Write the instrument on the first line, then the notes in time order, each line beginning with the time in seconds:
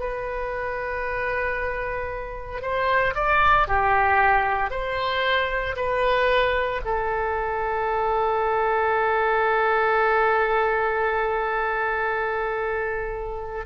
oboe
0.00 B4
2.62 C5
3.15 D5
3.68 G4
4.71 C5
5.77 B4
6.85 A4